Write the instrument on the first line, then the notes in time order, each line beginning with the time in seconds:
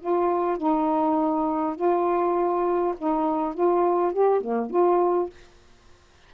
saxophone
0.00 F4
0.58 D#4
1.76 F4
2.98 D#4
3.55 F4
4.13 G4
4.41 A#3
4.71 F4